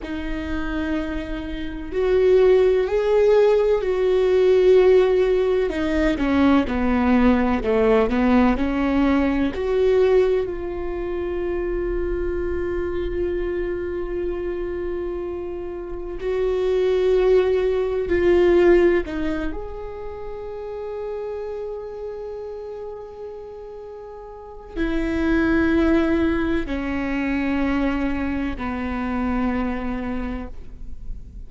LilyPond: \new Staff \with { instrumentName = "viola" } { \time 4/4 \tempo 4 = 63 dis'2 fis'4 gis'4 | fis'2 dis'8 cis'8 b4 | a8 b8 cis'4 fis'4 f'4~ | f'1~ |
f'4 fis'2 f'4 | dis'8 gis'2.~ gis'8~ | gis'2 e'2 | cis'2 b2 | }